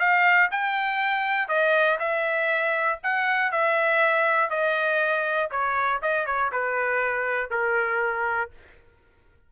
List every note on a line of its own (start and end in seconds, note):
0.00 0.50 F5
0.51 1.48 G5
1.48 1.98 D#5
2.00 3.00 E5
3.03 3.52 F#5
3.52 4.50 E5
4.50 5.50 D#5
5.51 6.01 C#5
6.02 6.26 D#5
6.26 6.51 C#5
6.52 7.51 B4
7.51 8.51 A#4